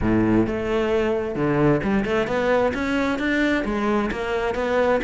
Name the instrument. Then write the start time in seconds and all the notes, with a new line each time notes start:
cello
0.01 A2
0.46 A3
1.35 D3
1.83 G3
2.05 A3
2.27 B3
2.74 C#4
3.18 D4
3.64 G#3
4.11 A#3
4.55 B3